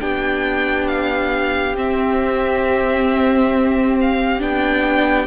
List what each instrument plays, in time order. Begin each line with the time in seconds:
0.00 cello B3, viola D4, violin G4 G5
0.87 violin F5
1.76 viola C4, cello C4, violin E5
4.01 violin F5
4.40 cello B3, viola D4, violin G5